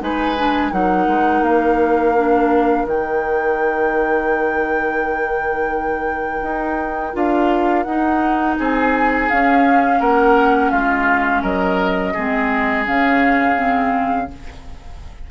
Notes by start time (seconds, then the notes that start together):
0.00 G#3 D#4 B4 G#5
0.38 D4
0.72 F#3 D#4 A#4 F#5
1.07 G#3
1.41 A#3 F5
2.17 D4
2.86 D#3 D#4 G5
6.42 D#4
7.14 D4 F4 F5
7.83 D#4 F#5
8.58 C4 G#4 G#5
9.29 C#4 F5
10.00 A#3 A#4 F#5
10.71 G#3 F4 F5
11.42 F#3 A#4 D#5
12.14 G#3 C4 G#4
12.85 C#3 C#4 F5
13.56 C4